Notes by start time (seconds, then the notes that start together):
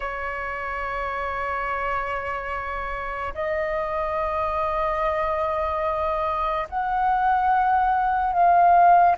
0.00 C#5
3.34 D#5
6.69 F#5
8.33 F5